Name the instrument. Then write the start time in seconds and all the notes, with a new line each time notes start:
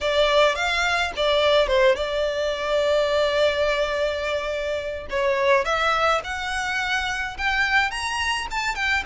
violin
0.00 D5
0.55 F5
1.16 D5
1.67 C5
1.95 D5
5.10 C#5
5.64 E5
6.23 F#5
7.37 G5
7.90 A#5
8.51 A5
8.75 G5